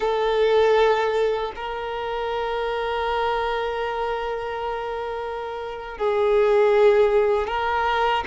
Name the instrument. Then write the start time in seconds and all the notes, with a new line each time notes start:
violin
0.00 A4
1.55 A#4
5.98 G#4
7.47 A#4